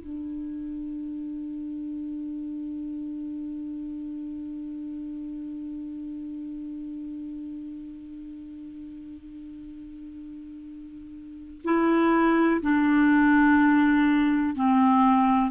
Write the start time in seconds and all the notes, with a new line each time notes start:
0.00 D4
11.64 E4
12.62 D4
14.55 C4